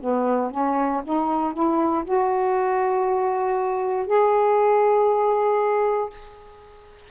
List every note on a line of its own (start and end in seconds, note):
0.00 0.51 B3
0.51 1.02 C#4
1.04 1.53 D#4
1.53 2.04 E4
2.04 4.06 F#4
4.06 6.09 G#4